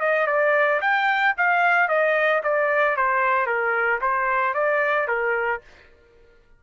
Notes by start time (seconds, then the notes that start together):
0.00 D#5
0.27 D5
0.81 G5
1.37 F5
1.88 D#5
2.44 D5
2.96 C5
3.47 A#4
4.01 C5
4.54 D5
5.08 A#4